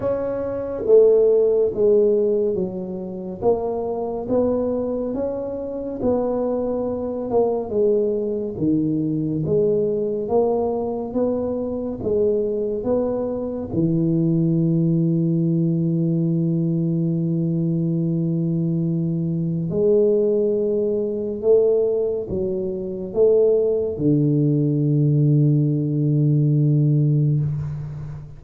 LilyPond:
\new Staff \with { instrumentName = "tuba" } { \time 4/4 \tempo 4 = 70 cis'4 a4 gis4 fis4 | ais4 b4 cis'4 b4~ | b8 ais8 gis4 dis4 gis4 | ais4 b4 gis4 b4 |
e1~ | e2. gis4~ | gis4 a4 fis4 a4 | d1 | }